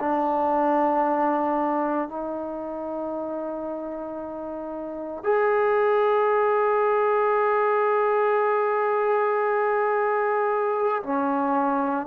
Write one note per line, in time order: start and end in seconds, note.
0.00 2.09 D4
2.09 5.23 D#4
5.23 11.02 G#4
11.03 12.07 C#4